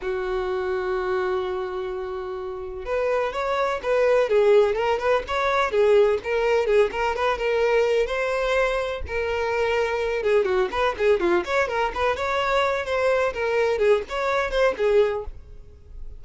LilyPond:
\new Staff \with { instrumentName = "violin" } { \time 4/4 \tempo 4 = 126 fis'1~ | fis'2 b'4 cis''4 | b'4 gis'4 ais'8 b'8 cis''4 | gis'4 ais'4 gis'8 ais'8 b'8 ais'8~ |
ais'4 c''2 ais'4~ | ais'4. gis'8 fis'8 b'8 gis'8 f'8 | cis''8 ais'8 b'8 cis''4. c''4 | ais'4 gis'8 cis''4 c''8 gis'4 | }